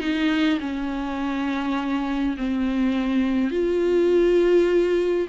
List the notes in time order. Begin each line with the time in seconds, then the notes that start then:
0.00 D#4
0.60 C#4
2.37 C4
3.51 F4